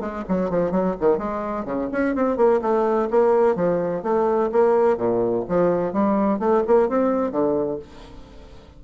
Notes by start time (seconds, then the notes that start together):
0.00 G#3
0.28 F#3
0.50 F3
0.71 F#3
1.00 D#3
1.18 G#3
1.65 C#3
1.92 C#4
2.15 C4
2.37 A#3
2.62 A3
3.11 A#3
3.56 F3
4.03 A3
4.52 A#3
4.97 A#2
5.48 F3
5.93 G3
6.39 A3
6.67 A#3
6.89 C4
7.32 D3